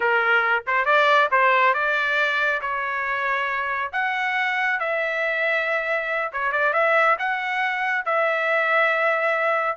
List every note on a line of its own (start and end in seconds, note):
0.00 0.63 A#4
0.66 0.85 C5
0.85 1.28 D5
1.31 1.74 C5
1.74 2.61 D5
2.61 3.91 C#5
3.92 4.79 F#5
4.79 6.31 E5
6.32 6.51 C#5
6.51 6.73 D5
6.73 7.16 E5
7.19 8.05 F#5
8.05 9.76 E5